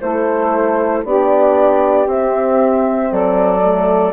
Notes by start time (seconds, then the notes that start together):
0.00 A3 E4 A4 C5
1.04 B3 D4 G4 D5
2.06 C4 E5
3.10 F#3 A4 D5
3.61 A3